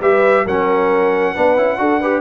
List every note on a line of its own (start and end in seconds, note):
0.00 0.45 G3
0.00 0.47 G4
0.00 0.45 B4
0.00 0.47 E5
0.45 1.36 F#3
0.45 1.36 C#4
0.45 1.34 A#4
0.45 2.22 F#5
1.34 1.57 B3
1.34 1.57 D4
1.34 1.79 B4
1.57 1.79 C#4
1.57 1.78 E4
1.78 2.22 D4
1.78 2.01 F#4
1.78 2.01 A4
2.01 2.22 G4
2.01 2.22 B4